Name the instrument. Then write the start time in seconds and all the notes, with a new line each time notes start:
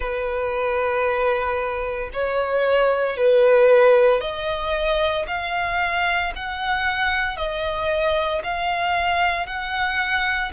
violin
0.00 B4
2.13 C#5
3.16 B4
4.21 D#5
5.27 F5
6.35 F#5
7.36 D#5
8.43 F5
9.46 F#5